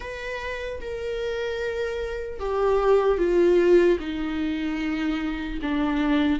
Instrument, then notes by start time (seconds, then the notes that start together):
viola
0.00 B4
0.80 A#4
2.39 G4
3.18 F4
3.99 D#4
5.61 D4